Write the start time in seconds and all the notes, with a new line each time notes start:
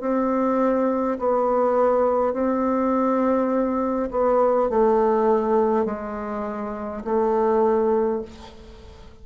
0.00 C4
1.19 B3
2.33 C4
4.11 B3
4.70 A3
5.85 G#3
7.04 A3